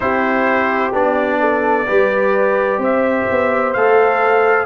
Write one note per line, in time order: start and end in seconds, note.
0.00 0.92 C4
0.00 0.92 E4
0.00 1.39 G4
0.00 0.93 C5
0.92 1.86 B3
0.92 1.86 D4
0.92 2.82 D5
1.39 1.86 A4
1.87 2.78 G3
1.87 3.74 G4
1.87 2.79 B4
2.78 3.25 C4
2.78 4.66 C5
2.78 3.72 E5
3.30 3.75 B3
3.72 4.66 A3
3.72 4.66 A4
3.72 4.66 F5